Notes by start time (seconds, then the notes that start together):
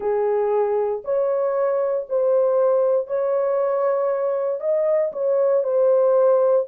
0.00 G#4
1.04 C#5
2.09 C5
3.07 C#5
4.60 D#5
5.12 C#5
5.63 C5